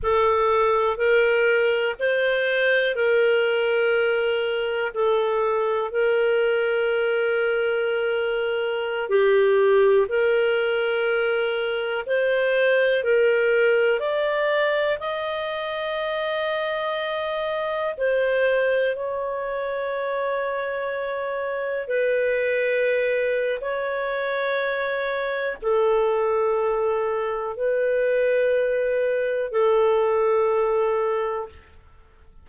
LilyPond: \new Staff \with { instrumentName = "clarinet" } { \time 4/4 \tempo 4 = 61 a'4 ais'4 c''4 ais'4~ | ais'4 a'4 ais'2~ | ais'4~ ais'16 g'4 ais'4.~ ais'16~ | ais'16 c''4 ais'4 d''4 dis''8.~ |
dis''2~ dis''16 c''4 cis''8.~ | cis''2~ cis''16 b'4.~ b'16 | cis''2 a'2 | b'2 a'2 | }